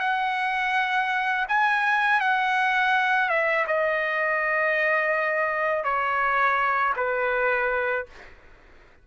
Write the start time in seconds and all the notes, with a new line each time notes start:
0.00 F#5
1.49 G#5
2.21 F#5
3.30 E5
3.68 D#5
5.84 C#5
6.97 B4